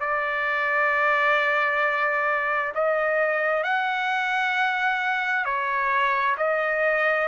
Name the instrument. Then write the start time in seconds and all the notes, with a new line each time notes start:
trumpet
0.00 D5
2.74 D#5
3.63 F#5
5.45 C#5
6.37 D#5